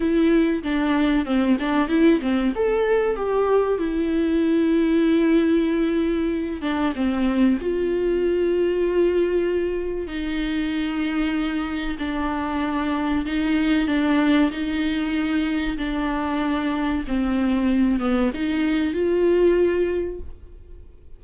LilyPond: \new Staff \with { instrumentName = "viola" } { \time 4/4 \tempo 4 = 95 e'4 d'4 c'8 d'8 e'8 c'8 | a'4 g'4 e'2~ | e'2~ e'8 d'8 c'4 | f'1 |
dis'2. d'4~ | d'4 dis'4 d'4 dis'4~ | dis'4 d'2 c'4~ | c'8 b8 dis'4 f'2 | }